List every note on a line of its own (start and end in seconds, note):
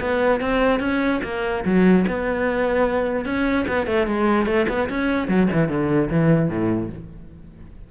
0.00 0.41 B3
0.41 0.80 C4
0.80 1.20 C#4
1.23 1.64 A#3
1.65 2.05 F#3
2.07 3.25 B3
3.25 3.66 C#4
3.68 3.86 B3
3.86 4.07 A3
4.07 4.46 G#3
4.46 4.66 A3
4.68 4.89 B3
4.89 5.28 C#4
5.28 5.48 F#3
5.52 5.68 E3
5.68 6.09 D3
6.10 6.49 E3
6.49 6.89 A2